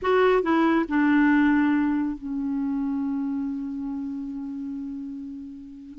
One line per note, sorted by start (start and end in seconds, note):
0.02 0.42 F#4
0.42 0.85 E4
0.88 2.17 D4
2.17 5.99 C#4